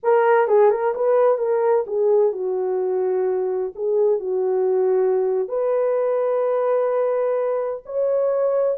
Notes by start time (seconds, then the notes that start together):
0.03 A#4
0.47 G#4
0.70 A#4
0.94 B4
1.37 A#4
1.86 G#4
2.32 F#4
3.75 G#4
4.19 F#4
5.48 B4
7.85 C#5